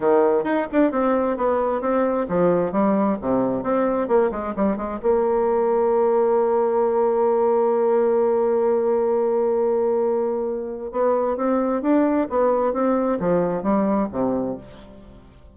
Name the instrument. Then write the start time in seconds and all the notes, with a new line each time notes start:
bassoon
0.00 D#3
0.44 D#4
0.72 D4
0.91 C4
1.37 B3
1.81 C4
2.28 F3
2.72 G3
3.21 C3
3.63 C4
4.08 A#3
4.31 G#3
4.56 G3
4.76 G#3
5.02 A#3
10.91 B3
11.36 C4
11.82 D4
12.29 B3
12.73 C4
13.19 F3
13.62 G3
14.11 C3